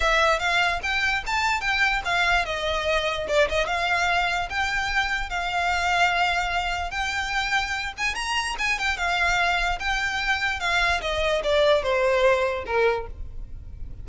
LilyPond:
\new Staff \with { instrumentName = "violin" } { \time 4/4 \tempo 4 = 147 e''4 f''4 g''4 a''4 | g''4 f''4 dis''2 | d''8 dis''8 f''2 g''4~ | g''4 f''2.~ |
f''4 g''2~ g''8 gis''8 | ais''4 gis''8 g''8 f''2 | g''2 f''4 dis''4 | d''4 c''2 ais'4 | }